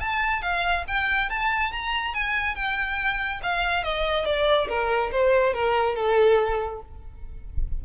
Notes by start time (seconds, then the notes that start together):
0.00 A5
0.42 F5
0.87 G5
1.30 A5
1.72 A#5
2.14 G#5
2.55 G5
3.43 F5
3.83 D#5
4.25 D5
4.68 A#4
5.11 C5
5.53 A#4
5.96 A4